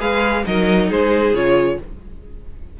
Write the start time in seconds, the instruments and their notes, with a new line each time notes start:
0.00 cello G#3, viola G#4, violin B4 F5
0.46 cello F#3, viola D#4, violin A#4 D#5
0.90 cello G#3, violin G#4 C5
1.34 cello C#3, viola F4, violin C#5